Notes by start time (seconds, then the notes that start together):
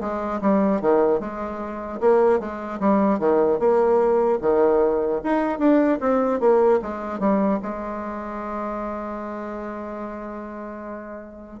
0.00 G#3
0.41 G3
0.81 D#3
1.20 G#3
2.00 A#3
2.39 G#3
2.80 G3
3.19 D#3
3.59 A#3
4.41 D#3
5.23 D#4
5.58 D4
6.00 C4
6.40 A#3
6.82 G#3
7.19 G3
7.62 G#3